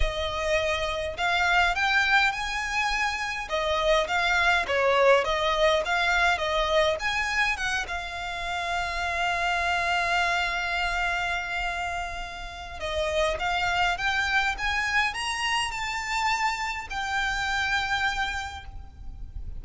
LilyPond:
\new Staff \with { instrumentName = "violin" } { \time 4/4 \tempo 4 = 103 dis''2 f''4 g''4 | gis''2 dis''4 f''4 | cis''4 dis''4 f''4 dis''4 | gis''4 fis''8 f''2~ f''8~ |
f''1~ | f''2 dis''4 f''4 | g''4 gis''4 ais''4 a''4~ | a''4 g''2. | }